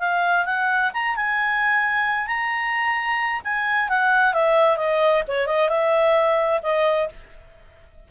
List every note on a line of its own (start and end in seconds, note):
0.00 0.46 F5
0.46 0.92 F#5
0.94 1.16 A#5
1.16 2.27 G#5
2.27 3.42 A#5
3.45 3.90 G#5
3.90 4.34 F#5
4.34 4.78 E5
4.78 5.23 D#5
5.28 5.47 C#5
5.47 5.69 D#5
5.69 6.61 E5
6.63 7.09 D#5